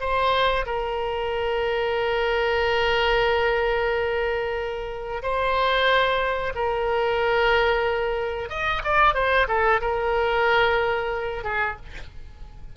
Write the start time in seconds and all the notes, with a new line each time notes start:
0.00 C5
0.66 A#4
5.22 C5
6.55 A#4
8.50 D#5
8.84 D5
9.14 C5
9.48 A4
9.81 A#4
11.44 G#4